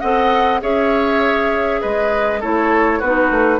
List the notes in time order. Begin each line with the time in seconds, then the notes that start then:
0.00 C4 A4 D#5 F#5
0.61 C#4 G#4 C#5 E5
1.81 G#3 B4 D#5
2.40 A3 E4 A4 C#5
2.99 B3 D#4 F#4 B4
3.31 A3